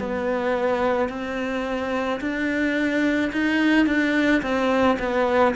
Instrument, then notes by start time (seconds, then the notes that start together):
cello
0.00 B3
1.10 C4
2.21 D4
3.33 D#4
3.87 D4
4.42 C4
4.99 B3